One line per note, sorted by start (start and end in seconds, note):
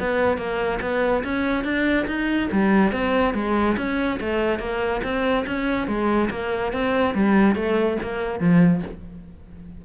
0.00 0.38 B3
0.38 0.80 A#3
0.81 1.24 B3
1.24 1.64 C#4
1.64 2.07 D4
2.07 2.49 D#4
2.52 2.93 G3
2.93 3.35 C4
3.35 3.77 G#3
3.78 4.20 C#4
4.21 4.60 A3
4.60 5.02 A#3
5.04 5.46 C4
5.47 5.88 C#4
5.88 6.30 G#3
6.31 6.73 A#3
6.73 7.15 C4
7.15 7.56 G3
7.56 7.98 A3
8.03 8.40 A#3
8.40 8.82 F3